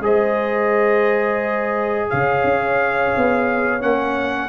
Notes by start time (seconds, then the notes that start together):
0.00 G#3 G#4 C5 D#5
2.10 C#3 C#5 F5
2.44 C#4
3.17 B3
3.80 A#3 C#4 F#5